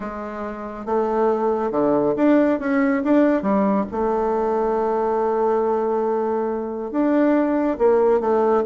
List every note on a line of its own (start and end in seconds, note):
0.00 0.85 G#3
0.85 1.71 A3
1.71 2.14 D3
2.16 2.59 D4
2.59 3.02 C#4
3.04 3.42 D4
3.42 3.85 G3
3.91 6.91 A3
6.91 7.77 D4
7.78 8.20 A#3
8.20 8.63 A3